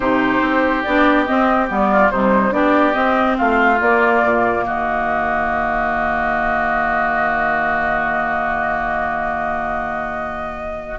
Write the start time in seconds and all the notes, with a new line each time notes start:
0.00 C3 D#4 G4 C5
0.41 C4
0.82 B3 D4 D5
1.25 C4 D#5
1.68 G3 B3 D5
1.91 F4
2.10 C3 G3 D#4 C5
2.51 B3 D4 G4 D5
2.93 C4 D#5
3.37 A3 F4 F5
3.80 A#3 D5
4.23 A#2
4.65 D#3 F#4 D#5